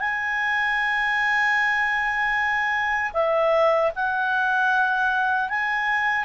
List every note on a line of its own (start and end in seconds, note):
0.00 3.12 G#5
3.14 3.92 E5
3.95 5.49 F#5
5.49 6.25 G#5